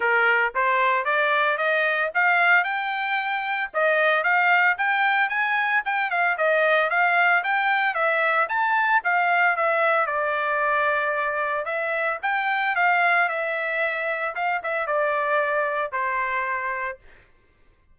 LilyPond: \new Staff \with { instrumentName = "trumpet" } { \time 4/4 \tempo 4 = 113 ais'4 c''4 d''4 dis''4 | f''4 g''2 dis''4 | f''4 g''4 gis''4 g''8 f''8 | dis''4 f''4 g''4 e''4 |
a''4 f''4 e''4 d''4~ | d''2 e''4 g''4 | f''4 e''2 f''8 e''8 | d''2 c''2 | }